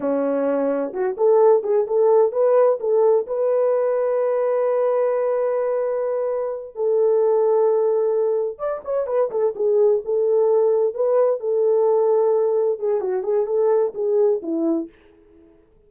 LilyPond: \new Staff \with { instrumentName = "horn" } { \time 4/4 \tempo 4 = 129 cis'2 fis'8 a'4 gis'8 | a'4 b'4 a'4 b'4~ | b'1~ | b'2~ b'8 a'4.~ |
a'2~ a'8 d''8 cis''8 b'8 | a'8 gis'4 a'2 b'8~ | b'8 a'2. gis'8 | fis'8 gis'8 a'4 gis'4 e'4 | }